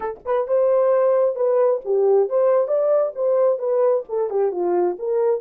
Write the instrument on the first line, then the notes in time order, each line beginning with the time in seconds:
horn
0.00 A4
0.25 B4
0.47 C5
1.35 B4
1.84 G4
2.29 C5
2.67 D5
3.15 C5
3.58 B4
4.08 A4
4.30 G4
4.51 F4
4.98 A#4